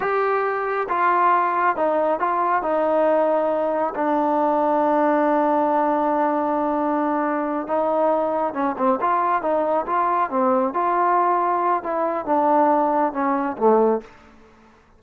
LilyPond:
\new Staff \with { instrumentName = "trombone" } { \time 4/4 \tempo 4 = 137 g'2 f'2 | dis'4 f'4 dis'2~ | dis'4 d'2.~ | d'1~ |
d'4. dis'2 cis'8 | c'8 f'4 dis'4 f'4 c'8~ | c'8 f'2~ f'8 e'4 | d'2 cis'4 a4 | }